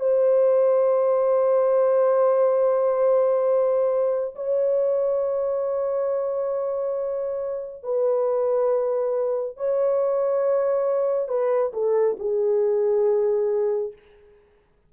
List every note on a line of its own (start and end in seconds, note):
0.00 4.35 C5
4.36 7.83 C#5
7.83 9.57 B4
9.57 11.29 C#5
11.29 11.72 B4
11.74 12.17 A4
12.19 13.93 G#4